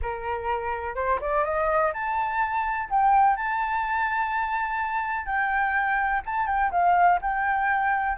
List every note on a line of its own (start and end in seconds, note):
0.02 0.95 A#4
0.95 1.19 C5
1.20 1.44 D5
1.44 1.92 D#5
1.93 2.89 A5
2.89 3.36 G5
3.36 5.26 A5
5.26 6.22 G5
6.25 6.47 A5
6.47 6.71 G5
6.71 7.19 F5
7.21 8.17 G5